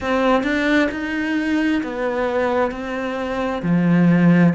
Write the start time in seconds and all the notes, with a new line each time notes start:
0.00 C4
0.43 D4
0.91 D#4
1.83 B3
2.71 C4
3.62 F3